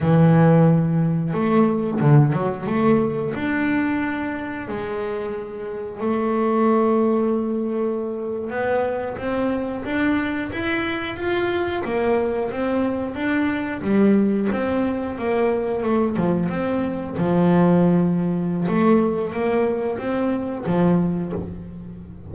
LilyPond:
\new Staff \with { instrumentName = "double bass" } { \time 4/4 \tempo 4 = 90 e2 a4 d8 fis8 | a4 d'2 gis4~ | gis4 a2.~ | a8. b4 c'4 d'4 e'16~ |
e'8. f'4 ais4 c'4 d'16~ | d'8. g4 c'4 ais4 a16~ | a16 f8 c'4 f2~ f16 | a4 ais4 c'4 f4 | }